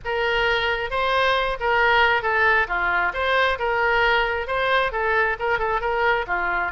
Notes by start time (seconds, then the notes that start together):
0.04 A#4
0.90 C5
1.60 A#4
2.22 A4
2.67 F4
3.13 C5
3.59 A#4
4.47 C5
4.92 A4
5.39 A#4
5.58 A4
5.80 A#4
6.27 F4